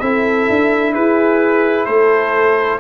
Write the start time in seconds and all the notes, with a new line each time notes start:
0.00 C4 E4 A4 E5
0.50 D4
0.94 E4 G#4 B4
1.86 A3 A4 C5